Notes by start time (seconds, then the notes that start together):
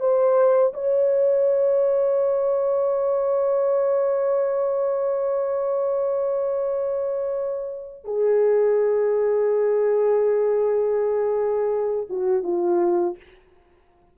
0.00 C5
0.74 C#5
8.04 G#4
12.09 F#4
12.43 F4